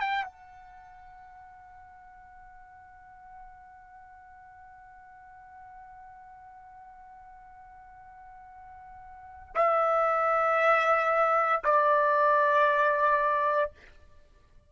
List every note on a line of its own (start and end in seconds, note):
0.00 0.24 G5
0.24 9.55 F#5
9.55 11.62 E5
11.64 13.71 D5